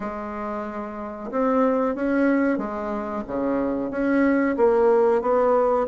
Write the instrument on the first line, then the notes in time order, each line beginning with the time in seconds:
bassoon
0.00 G#3
1.31 C4
1.95 C#4
2.58 G#3
3.27 C#3
3.90 C#4
4.56 A#3
5.21 B3